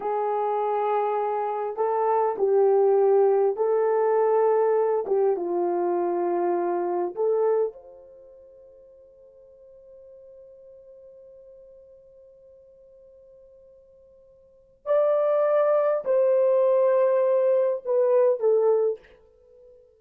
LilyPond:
\new Staff \with { instrumentName = "horn" } { \time 4/4 \tempo 4 = 101 gis'2. a'4 | g'2 a'2~ | a'8 g'8 f'2. | a'4 c''2.~ |
c''1~ | c''1~ | c''4 d''2 c''4~ | c''2 b'4 a'4 | }